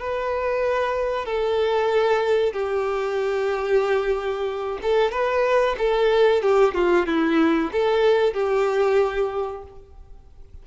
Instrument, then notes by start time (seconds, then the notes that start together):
violin
0.00 B4
1.26 A4
2.53 G4
4.83 A4
5.12 B4
5.78 A4
6.43 G4
6.75 F4
7.07 E4
7.72 A4
8.34 G4